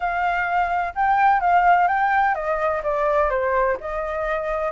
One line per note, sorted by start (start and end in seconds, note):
0.00 0.93 F5
0.95 1.40 G5
1.40 1.87 F5
1.87 2.34 G5
2.35 2.82 D#5
2.83 3.30 D5
3.30 3.77 C5
3.80 4.72 D#5